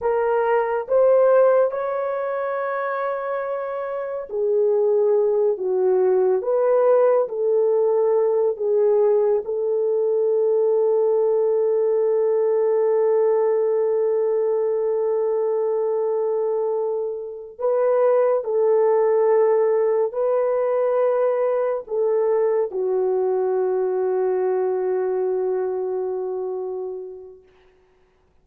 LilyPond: \new Staff \with { instrumentName = "horn" } { \time 4/4 \tempo 4 = 70 ais'4 c''4 cis''2~ | cis''4 gis'4. fis'4 b'8~ | b'8 a'4. gis'4 a'4~ | a'1~ |
a'1~ | a'8 b'4 a'2 b'8~ | b'4. a'4 fis'4.~ | fis'1 | }